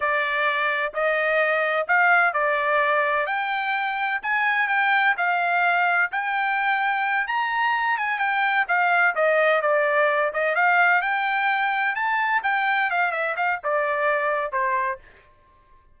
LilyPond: \new Staff \with { instrumentName = "trumpet" } { \time 4/4 \tempo 4 = 128 d''2 dis''2 | f''4 d''2 g''4~ | g''4 gis''4 g''4 f''4~ | f''4 g''2~ g''8 ais''8~ |
ais''4 gis''8 g''4 f''4 dis''8~ | dis''8 d''4. dis''8 f''4 g''8~ | g''4. a''4 g''4 f''8 | e''8 f''8 d''2 c''4 | }